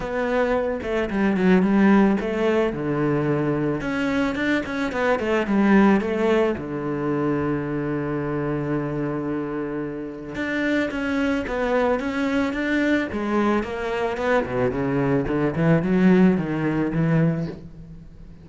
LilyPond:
\new Staff \with { instrumentName = "cello" } { \time 4/4 \tempo 4 = 110 b4. a8 g8 fis8 g4 | a4 d2 cis'4 | d'8 cis'8 b8 a8 g4 a4 | d1~ |
d2. d'4 | cis'4 b4 cis'4 d'4 | gis4 ais4 b8 b,8 cis4 | d8 e8 fis4 dis4 e4 | }